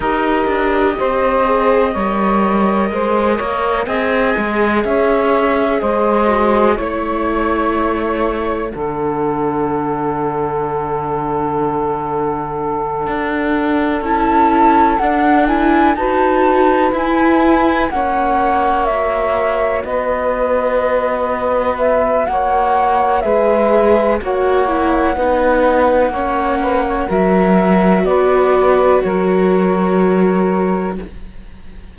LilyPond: <<
  \new Staff \with { instrumentName = "flute" } { \time 4/4 \tempo 4 = 62 dis''1 | gis''4 e''4 dis''4 cis''4~ | cis''4 fis''2.~ | fis''2~ fis''8 a''4 fis''8 |
gis''8 a''4 gis''4 fis''4 e''8~ | e''8 dis''2 e''8 fis''4 | e''4 fis''2. | e''4 d''4 cis''2 | }
  \new Staff \with { instrumentName = "saxophone" } { \time 4/4 ais'4 c''4 cis''4 c''8 cis''8 | dis''4 cis''4 c''4 cis''4~ | cis''4 a'2.~ | a'1~ |
a'8 b'2 cis''4.~ | cis''8 b'2~ b'8 cis''4 | b'4 cis''4 b'4 cis''8 b'16 cis''16 | ais'4 b'4 ais'2 | }
  \new Staff \with { instrumentName = "viola" } { \time 4/4 g'4. gis'8 ais'2 | gis'2~ gis'8 fis'8 e'4~ | e'4 d'2.~ | d'2~ d'8 e'4 d'8 |
e'8 fis'4 e'4 cis'4 fis'8~ | fis'1 | gis'4 fis'8 e'8 dis'4 cis'4 | fis'1 | }
  \new Staff \with { instrumentName = "cello" } { \time 4/4 dis'8 d'8 c'4 g4 gis8 ais8 | c'8 gis8 cis'4 gis4 a4~ | a4 d2.~ | d4. d'4 cis'4 d'8~ |
d'8 dis'4 e'4 ais4.~ | ais8 b2~ b8 ais4 | gis4 ais4 b4 ais4 | fis4 b4 fis2 | }
>>